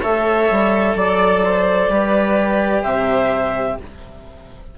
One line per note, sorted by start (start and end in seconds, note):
0.00 0.50 A3
0.00 1.90 A4
0.00 0.94 C#5
0.00 0.96 E5
0.50 0.95 G3
0.95 1.88 F#3
0.95 1.43 D5
0.95 2.83 D5
1.44 1.91 C5
1.88 2.82 G3
1.88 3.77 G4
1.88 2.82 B4
2.82 3.77 C3
2.82 3.76 C5
2.82 3.76 E5